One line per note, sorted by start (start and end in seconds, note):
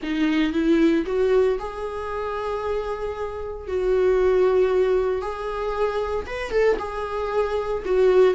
0.02 0.52 D#4
0.52 1.04 E4
1.06 1.58 F#4
1.59 3.67 G#4
3.67 5.21 F#4
5.21 6.26 G#4
6.26 6.51 B4
6.51 6.77 A4
6.78 7.83 G#4
7.85 8.34 F#4